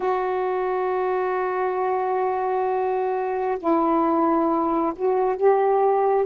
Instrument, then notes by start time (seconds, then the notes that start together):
saxophone
0.00 F#4
3.59 E4
4.95 F#4
5.36 G4